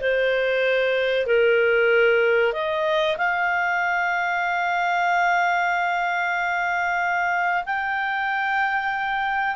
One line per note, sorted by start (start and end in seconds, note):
0.00 1.26 C5
1.26 2.53 A#4
2.53 3.17 D#5
3.17 7.64 F5
7.65 9.55 G5